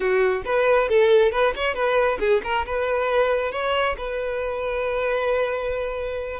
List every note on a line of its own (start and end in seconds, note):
0.00 0.42 F#4
0.45 0.88 B4
0.88 1.31 A4
1.31 1.53 B4
1.55 1.74 C#5
1.74 2.18 B4
2.19 2.41 G#4
2.43 2.65 A#4
2.66 3.51 B4
3.51 3.95 C#5
3.97 6.40 B4